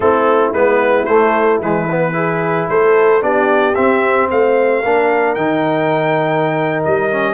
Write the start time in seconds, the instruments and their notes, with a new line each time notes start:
0.00 tuba A3, trombone C4, horn E4, trumpet A4
0.52 tuba G#3, trombone B3, trumpet B4
1.05 tuba A3, trombone A3, trumpet C5
1.60 tuba E3, trombone G#3, trumpet B4
1.90 trombone B3
2.12 trombone E4, horn G#4
2.68 tuba A3, horn A4, trumpet C5
3.20 tuba B3, trombone D4, horn G4, trumpet D5
3.74 trombone C4, tuba C4, trumpet E5
4.30 tuba A3, horn C5, trumpet F5
4.81 tuba A#3, trombone D4, horn A#4
5.34 tuba D#3, trombone D#4, trumpet G5
6.84 tuba G3, trumpet D#5
7.11 trombone C#4